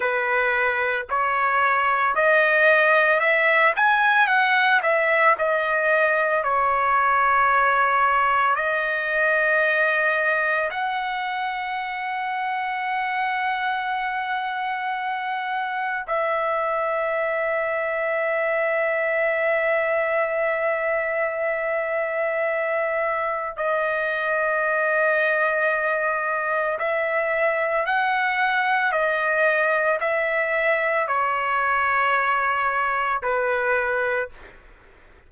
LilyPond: \new Staff \with { instrumentName = "trumpet" } { \time 4/4 \tempo 4 = 56 b'4 cis''4 dis''4 e''8 gis''8 | fis''8 e''8 dis''4 cis''2 | dis''2 fis''2~ | fis''2. e''4~ |
e''1~ | e''2 dis''2~ | dis''4 e''4 fis''4 dis''4 | e''4 cis''2 b'4 | }